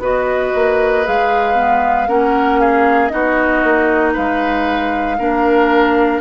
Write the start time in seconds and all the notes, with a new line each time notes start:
0.00 B3 F#4 B4 D#5
0.55 A#3
1.05 G#3 G#4 F5
1.55 B3
2.08 A#3 C#4 A#4 F#5
2.61 G#4 F5
3.08 B3 D#4 F#4 D#5
3.64 A#3
4.13 G#3 B4 F5
5.19 A#3 D4 A#4